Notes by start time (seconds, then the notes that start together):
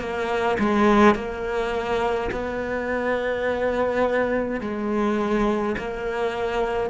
0.00 A#3
0.59 G#3
1.15 A#3
2.32 B3
4.60 G#3
5.78 A#3